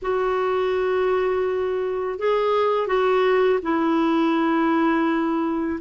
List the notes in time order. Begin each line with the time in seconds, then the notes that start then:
0.02 F#4
2.19 G#4
2.87 F#4
3.62 E4